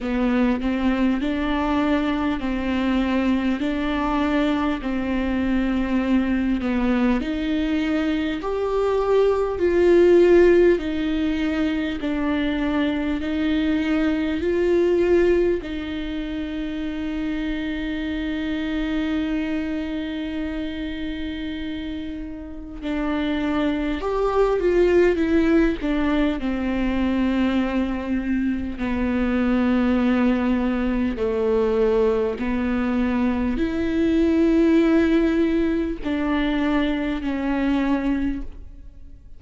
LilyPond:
\new Staff \with { instrumentName = "viola" } { \time 4/4 \tempo 4 = 50 b8 c'8 d'4 c'4 d'4 | c'4. b8 dis'4 g'4 | f'4 dis'4 d'4 dis'4 | f'4 dis'2.~ |
dis'2. d'4 | g'8 f'8 e'8 d'8 c'2 | b2 a4 b4 | e'2 d'4 cis'4 | }